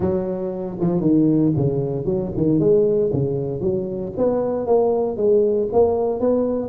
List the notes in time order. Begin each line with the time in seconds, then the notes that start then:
0.00 F#3
0.80 F3
1.01 D#3
1.56 C#3
2.05 F#3
2.36 D#3
2.59 G#3
3.12 C#3
3.60 F#3
4.17 B3
4.66 A#3
5.16 G#3
5.72 A#3
6.20 B3